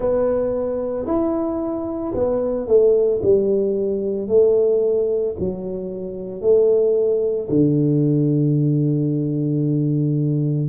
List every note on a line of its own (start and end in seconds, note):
0.00 1.06 B3
1.06 2.13 E4
2.14 2.67 B3
2.67 3.20 A3
3.22 4.28 G3
4.28 5.35 A3
5.39 6.41 F#3
6.41 7.48 A3
7.49 10.68 D3